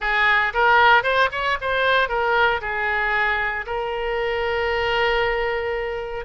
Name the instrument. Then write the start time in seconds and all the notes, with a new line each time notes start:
oboe
0.00 G#4
0.53 A#4
1.03 C5
1.31 C#5
1.61 C5
2.08 A#4
2.61 G#4
3.66 A#4